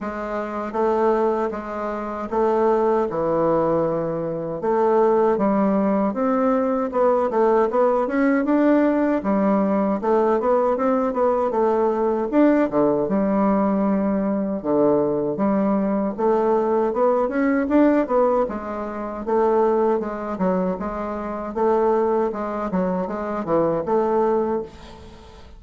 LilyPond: \new Staff \with { instrumentName = "bassoon" } { \time 4/4 \tempo 4 = 78 gis4 a4 gis4 a4 | e2 a4 g4 | c'4 b8 a8 b8 cis'8 d'4 | g4 a8 b8 c'8 b8 a4 |
d'8 d8 g2 d4 | g4 a4 b8 cis'8 d'8 b8 | gis4 a4 gis8 fis8 gis4 | a4 gis8 fis8 gis8 e8 a4 | }